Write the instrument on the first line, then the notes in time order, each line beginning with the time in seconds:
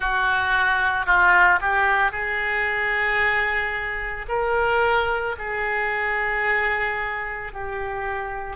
oboe
0.00 F#4
1.06 F4
1.60 G4
2.11 G#4
4.28 A#4
5.38 G#4
7.52 G4